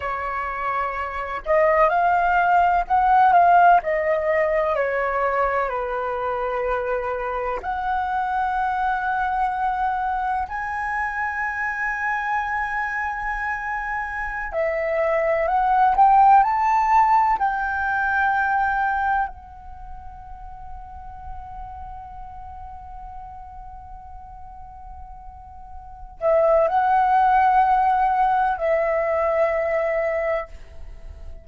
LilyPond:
\new Staff \with { instrumentName = "flute" } { \time 4/4 \tempo 4 = 63 cis''4. dis''8 f''4 fis''8 f''8 | dis''4 cis''4 b'2 | fis''2. gis''4~ | gis''2.~ gis''16 e''8.~ |
e''16 fis''8 g''8 a''4 g''4.~ g''16~ | g''16 fis''2.~ fis''8.~ | fis''2.~ fis''8 e''8 | fis''2 e''2 | }